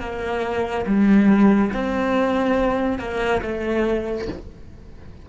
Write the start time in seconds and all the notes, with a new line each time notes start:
0.00 A#3
0.86 G3
1.73 C4
2.99 A#3
3.42 A3